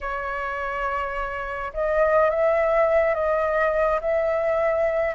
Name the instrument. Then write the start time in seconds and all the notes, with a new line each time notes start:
flute
0.01 C#5
1.73 D#5
2.29 E5
3.14 D#5
4.01 E5